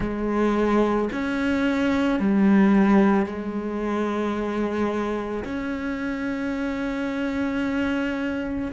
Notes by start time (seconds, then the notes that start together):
0.00 G#3
1.12 C#4
2.19 G3
3.25 G#3
5.44 C#4